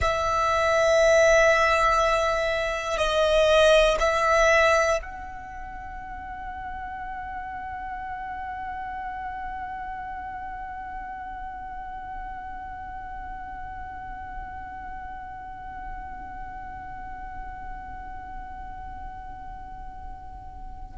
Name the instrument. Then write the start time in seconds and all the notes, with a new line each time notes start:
violin
0.01 E5
2.97 D#5
3.99 E5
5.02 F#5